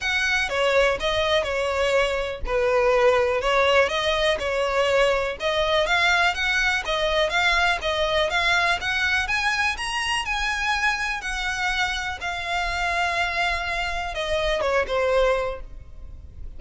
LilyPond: \new Staff \with { instrumentName = "violin" } { \time 4/4 \tempo 4 = 123 fis''4 cis''4 dis''4 cis''4~ | cis''4 b'2 cis''4 | dis''4 cis''2 dis''4 | f''4 fis''4 dis''4 f''4 |
dis''4 f''4 fis''4 gis''4 | ais''4 gis''2 fis''4~ | fis''4 f''2.~ | f''4 dis''4 cis''8 c''4. | }